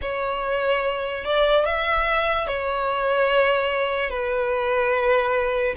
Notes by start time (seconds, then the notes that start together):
0.01 C#5
1.24 D5
1.65 E5
2.47 C#5
4.09 B4